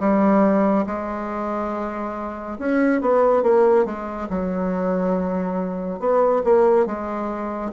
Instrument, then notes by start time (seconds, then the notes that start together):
bassoon
0.00 G3
0.87 G#3
2.59 C#4
3.02 B3
3.43 A#3
3.86 G#3
4.30 F#3
6.00 B3
6.44 A#3
6.86 G#3